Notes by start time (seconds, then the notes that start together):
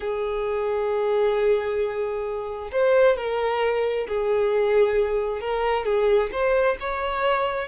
0.00 G#4
2.71 C5
3.17 A#4
4.08 G#4
5.40 A#4
5.85 G#4
6.32 C5
6.80 C#5